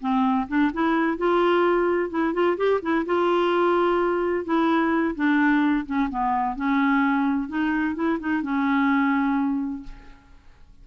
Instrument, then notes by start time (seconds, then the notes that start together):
clarinet
0.00 C4
0.48 D4
0.73 E4
1.17 F4
2.10 E4
2.33 F4
2.57 G4
2.81 E4
3.05 F4
4.44 E4
5.15 D4
5.86 C#4
6.09 B3
6.55 C#4
7.48 D#4
7.95 E4
8.19 D#4
8.42 C#4